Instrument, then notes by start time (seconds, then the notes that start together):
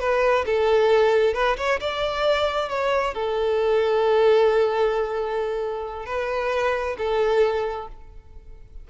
violin
0.00 B4
0.46 A4
1.34 B4
1.57 C#5
1.80 D5
2.69 C#5
3.14 A4
6.06 B4
6.98 A4